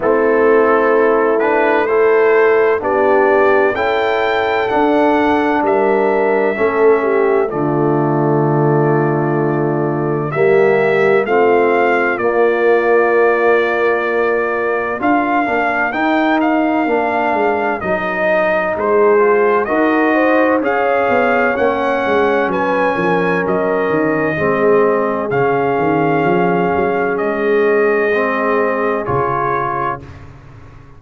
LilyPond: <<
  \new Staff \with { instrumentName = "trumpet" } { \time 4/4 \tempo 4 = 64 a'4. b'8 c''4 d''4 | g''4 fis''4 e''2 | d''2. e''4 | f''4 d''2. |
f''4 g''8 f''4. dis''4 | c''4 dis''4 f''4 fis''4 | gis''4 dis''2 f''4~ | f''4 dis''2 cis''4 | }
  \new Staff \with { instrumentName = "horn" } { \time 4/4 e'2 a'4 g'4 | a'2 ais'4 a'8 g'8 | f'2. g'4 | f'1 |
ais'1 | gis'4 ais'8 c''8 cis''2 | b'8 ais'4. gis'2~ | gis'1 | }
  \new Staff \with { instrumentName = "trombone" } { \time 4/4 c'4. d'8 e'4 d'4 | e'4 d'2 cis'4 | a2. ais4 | c'4 ais2. |
f'8 d'8 dis'4 d'4 dis'4~ | dis'8 f'8 fis'4 gis'4 cis'4~ | cis'2 c'4 cis'4~ | cis'2 c'4 f'4 | }
  \new Staff \with { instrumentName = "tuba" } { \time 4/4 a2. b4 | cis'4 d'4 g4 a4 | d2. g4 | a4 ais2. |
d'8 ais8 dis'4 ais8 gis8 fis4 | gis4 dis'4 cis'8 b8 ais8 gis8 | fis8 f8 fis8 dis8 gis4 cis8 dis8 | f8 fis8 gis2 cis4 | }
>>